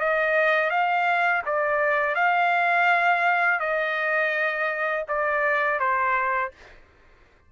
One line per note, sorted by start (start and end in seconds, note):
0.00 0.70 D#5
0.70 1.42 F5
1.46 2.15 D5
2.15 3.59 F5
3.60 5.04 D#5
5.08 5.79 D5
5.79 6.52 C5